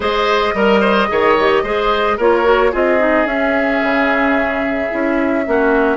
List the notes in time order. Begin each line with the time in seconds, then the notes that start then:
0.00 G#3 G#4 C5 D#5
0.53 G3 A#4
0.80 C5
1.08 D#3 G#4 C#5
1.39 G4
1.63 G#3 G#4 C5
2.17 A#3 F4 A#4 C#5
2.43 F#4
2.71 C4 F4 G#4 D#5
2.98 D#4
3.25 C#4 E5
3.82 C#3
4.90 C#4 E4
5.44 A#3 C#4 F#4